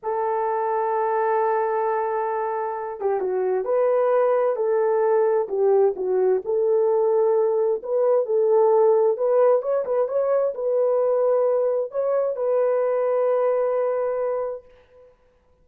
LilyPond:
\new Staff \with { instrumentName = "horn" } { \time 4/4 \tempo 4 = 131 a'1~ | a'2~ a'8 g'8 fis'4 | b'2 a'2 | g'4 fis'4 a'2~ |
a'4 b'4 a'2 | b'4 cis''8 b'8 cis''4 b'4~ | b'2 cis''4 b'4~ | b'1 | }